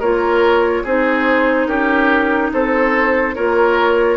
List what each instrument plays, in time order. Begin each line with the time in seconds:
0.00 bassoon A#3, clarinet F4, oboe A#4, flute C#5
0.84 bassoon C4, clarinet D#4, oboe G#4, flute C5
1.67 bassoon C#4, oboe G4, flute A#4
2.53 bassoon C4, oboe A4, flute C5
3.35 bassoon A#3, clarinet F4, oboe A#4, flute C#5